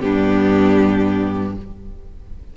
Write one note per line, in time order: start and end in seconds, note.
0.00 1.57 G2
0.00 1.55 B3
0.00 1.56 D4
0.00 1.54 G4